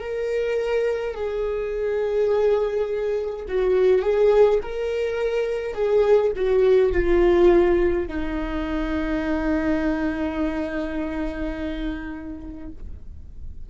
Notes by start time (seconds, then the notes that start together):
0.00 A#4
1.15 G#4
3.48 F#4
4.02 G#4
4.63 A#4
5.74 G#4
6.36 F#4
6.93 F4
8.08 D#4